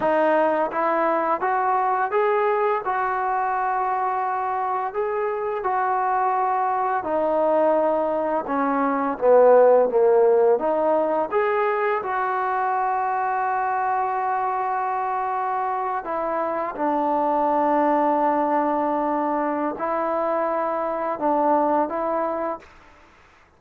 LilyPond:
\new Staff \with { instrumentName = "trombone" } { \time 4/4 \tempo 4 = 85 dis'4 e'4 fis'4 gis'4 | fis'2. gis'4 | fis'2 dis'2 | cis'4 b4 ais4 dis'4 |
gis'4 fis'2.~ | fis'2~ fis'8. e'4 d'16~ | d'1 | e'2 d'4 e'4 | }